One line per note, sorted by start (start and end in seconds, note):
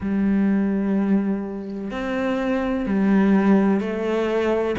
0.00 1.90 G3
1.90 2.86 C4
2.86 3.80 G3
3.80 4.75 A3